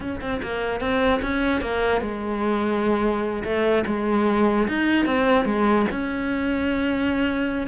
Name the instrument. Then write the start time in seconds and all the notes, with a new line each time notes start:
cello
0.00 C#4
0.20 C4
0.42 A#3
0.80 C4
1.21 C#4
1.61 A#3
2.01 G#3
3.43 A3
3.86 G#3
4.68 D#4
5.05 C4
5.45 G#3
5.91 C#4